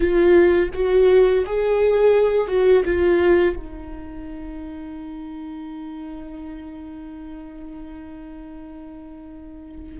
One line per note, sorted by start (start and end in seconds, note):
0.00 0.69 F4
0.73 1.44 F#4
1.46 2.47 G#4
2.47 2.83 F#4
2.85 3.56 F4
3.56 9.98 D#4